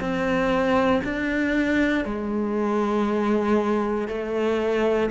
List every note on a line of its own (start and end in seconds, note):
0.00 1.02 C4
1.04 2.05 D4
2.05 4.08 G#3
4.08 5.10 A3